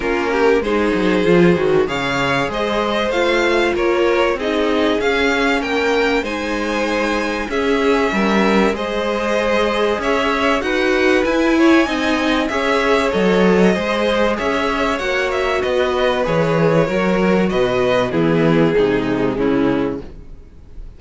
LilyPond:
<<
  \new Staff \with { instrumentName = "violin" } { \time 4/4 \tempo 4 = 96 ais'4 c''2 f''4 | dis''4 f''4 cis''4 dis''4 | f''4 g''4 gis''2 | e''2 dis''2 |
e''4 fis''4 gis''2 | e''4 dis''2 e''4 | fis''8 e''8 dis''4 cis''2 | dis''4 gis'2 e'4 | }
  \new Staff \with { instrumentName = "violin" } { \time 4/4 f'8 g'8 gis'2 cis''4 | c''2 ais'4 gis'4~ | gis'4 ais'4 c''2 | gis'4 ais'4 c''2 |
cis''4 b'4. cis''8 dis''4 | cis''2 c''4 cis''4~ | cis''4 b'2 ais'4 | b'4 e'4 dis'4 cis'4 | }
  \new Staff \with { instrumentName = "viola" } { \time 4/4 cis'4 dis'4 f'8 fis'8 gis'4~ | gis'4 f'2 dis'4 | cis'2 dis'2 | cis'2 gis'2~ |
gis'4 fis'4 e'4 dis'4 | gis'4 a'4 gis'2 | fis'2 gis'4 fis'4~ | fis'4 b4 gis2 | }
  \new Staff \with { instrumentName = "cello" } { \time 4/4 ais4 gis8 fis8 f8 dis8 cis4 | gis4 a4 ais4 c'4 | cis'4 ais4 gis2 | cis'4 g4 gis2 |
cis'4 dis'4 e'4 c'4 | cis'4 fis4 gis4 cis'4 | ais4 b4 e4 fis4 | b,4 e4 c4 cis4 | }
>>